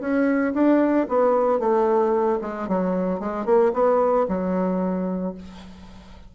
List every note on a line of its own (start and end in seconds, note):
0.00 0.53 C#4
0.54 1.07 D4
1.08 1.59 B3
1.59 2.39 A3
2.41 2.68 G#3
2.68 3.19 F#3
3.19 3.45 G#3
3.45 3.71 A#3
3.73 4.26 B3
4.28 5.34 F#3